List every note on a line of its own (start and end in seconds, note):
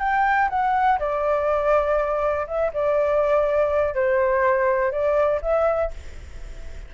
0.00 0.49 G5
0.50 0.99 F#5
0.99 2.47 D5
2.47 2.72 E5
2.74 3.95 D5
3.95 4.92 C5
4.92 5.41 D5
5.42 5.91 E5